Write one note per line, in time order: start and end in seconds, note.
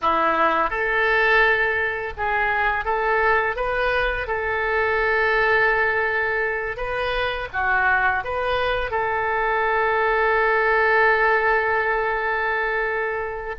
0.01 0.70 E4
0.70 2.13 A4
2.17 2.84 G#4
2.84 3.56 A4
3.56 4.27 B4
4.27 6.76 A4
6.76 7.48 B4
7.52 8.24 F#4
8.24 8.90 B4
8.90 13.55 A4